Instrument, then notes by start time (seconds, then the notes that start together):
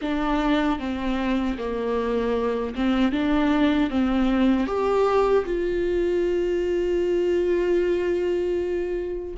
viola
0.01 D4
0.79 C4
1.58 A#3
2.75 C4
3.12 D4
3.90 C4
4.66 G4
5.45 F4